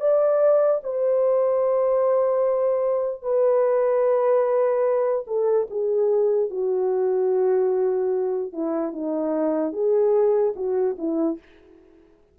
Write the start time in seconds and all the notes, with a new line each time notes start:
0.00 D5
0.83 C5
3.22 B4
5.27 A4
5.70 G#4
6.50 F#4
8.52 E4
8.93 D#4
9.73 G#4
10.56 F#4
10.98 E4